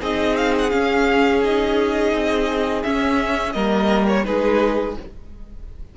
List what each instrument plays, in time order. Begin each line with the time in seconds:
0.00 cello C4, viola D#4, violin G#4 D#5
0.36 violin F5
0.58 violin F#5
0.69 viola C#4, cello C#4, violin F5
1.43 viola D#4, violin D#5
2.12 cello C4
2.83 viola C#4, cello C#4, violin E5
3.52 cello G3, viola A#3, violin A#4 D#5
4.08 violin C#5
4.24 cello G#3, viola D#4, violin G#4 B4